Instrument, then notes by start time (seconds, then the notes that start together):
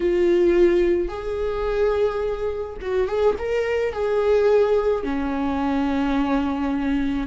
viola
0.00 F4
1.08 G#4
2.81 F#4
3.07 G#4
3.38 A#4
3.93 G#4
5.03 C#4